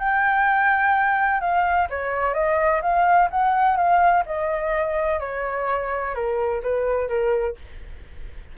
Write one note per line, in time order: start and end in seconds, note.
0.00 1.41 G5
1.41 1.88 F5
1.90 2.34 C#5
2.34 2.82 D#5
2.82 3.29 F5
3.31 3.77 F#5
3.77 4.24 F5
4.26 5.21 D#5
5.21 6.15 C#5
6.15 6.62 A#4
6.63 7.09 B4
7.09 7.56 A#4